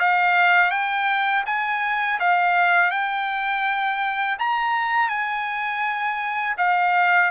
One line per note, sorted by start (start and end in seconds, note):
0.00 0.71 F5
0.71 1.44 G5
1.46 2.20 G#5
2.20 2.91 F5
2.91 4.37 G5
4.39 5.09 A#5
5.09 6.56 G#5
6.58 7.31 F5